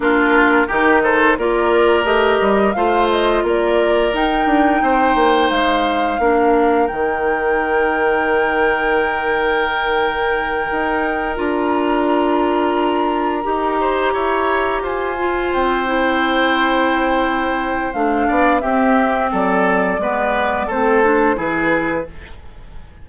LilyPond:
<<
  \new Staff \with { instrumentName = "flute" } { \time 4/4 \tempo 4 = 87 ais'4. c''8 d''4 dis''4 | f''8 dis''8 d''4 g''2 | f''2 g''2~ | g''1~ |
g''8 ais''2.~ ais''8~ | ais''4. gis''4 g''4.~ | g''2 f''4 e''4 | d''2 c''4 b'4 | }
  \new Staff \with { instrumentName = "oboe" } { \time 4/4 f'4 g'8 a'8 ais'2 | c''4 ais'2 c''4~ | c''4 ais'2.~ | ais'1~ |
ais'1 | c''8 cis''4 c''2~ c''8~ | c''2~ c''8 d''8 g'4 | a'4 b'4 a'4 gis'4 | }
  \new Staff \with { instrumentName = "clarinet" } { \time 4/4 d'4 dis'4 f'4 g'4 | f'2 dis'2~ | dis'4 d'4 dis'2~ | dis'1~ |
dis'8 f'2. g'8~ | g'2 f'4 e'4~ | e'2 d'4 c'4~ | c'4 b4 c'8 d'8 e'4 | }
  \new Staff \with { instrumentName = "bassoon" } { \time 4/4 ais4 dis4 ais4 a8 g8 | a4 ais4 dis'8 d'8 c'8 ais8 | gis4 ais4 dis2~ | dis2.~ dis8 dis'8~ |
dis'8 d'2. dis'8~ | dis'8 e'4 f'4 c'4.~ | c'2 a8 b8 c'4 | fis4 gis4 a4 e4 | }
>>